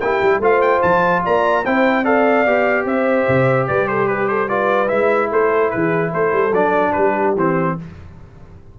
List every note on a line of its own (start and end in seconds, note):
0.00 0.21 A#3
0.00 0.42 E4
0.00 0.41 G4
0.00 0.41 G5
0.22 0.39 G3
0.39 0.80 A3
0.39 1.64 F4
0.39 1.23 C5
0.39 0.61 F5
0.61 0.82 G5
0.82 1.24 F3
0.82 1.23 A5
1.24 1.66 A#3
1.24 1.64 D5
1.24 1.65 A#5
1.64 2.46 C4
1.64 2.04 E4
1.64 2.03 C5
1.64 2.05 G5
2.03 2.45 A4
2.03 2.84 D5
2.03 2.86 F5
2.46 2.85 B3
2.46 4.48 G4
2.85 3.26 C4
2.85 3.68 C5
2.85 3.67 E5
3.28 3.69 C3
3.67 4.91 G3
3.67 3.89 B4
3.67 3.87 D5
3.87 4.09 A4
3.87 4.08 C5
4.08 4.29 G4
4.08 4.28 B4
4.28 4.48 A4
4.28 4.48 C5
4.48 4.88 F4
4.48 5.30 B4
4.48 4.88 D5
4.88 5.32 G#3
4.88 6.51 E4
4.88 5.29 E5
5.32 5.72 A3
5.32 5.72 A4
5.32 5.70 C5
5.70 6.13 E3
5.70 6.11 G#4
5.70 6.11 B4
6.11 6.33 A3
6.11 6.93 A4
6.11 6.54 C5
6.33 6.52 G3
6.52 6.93 F#3
6.52 7.37 D4
6.52 6.92 D5
6.92 7.35 G3
6.92 7.76 G4
6.92 7.33 B4
7.35 7.76 E3
7.35 7.79 C4
7.35 7.79 C5